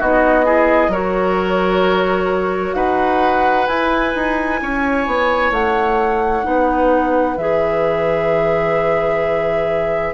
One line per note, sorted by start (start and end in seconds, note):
0.00 0.88 B3
0.00 0.45 D#4
0.00 0.46 F#4
0.00 0.94 D#5
0.45 0.91 E4
0.45 0.91 G#4
0.88 2.73 F#3
0.88 3.68 F#4
0.88 2.76 A#4
0.88 2.75 C#5
2.75 3.67 D#4
2.75 4.61 B4
2.75 3.67 F#5
3.67 6.44 E4
3.67 4.15 E4
3.67 5.52 G#5
4.15 4.61 D#4
4.62 5.07 C#4
4.62 6.46 C#5
5.07 5.52 B3
5.52 6.44 A3
5.52 7.38 F#5
6.44 7.38 B3
6.44 7.36 D#4
6.44 10.14 B4
7.38 10.14 E3
7.38 10.14 G#4
7.38 10.14 E5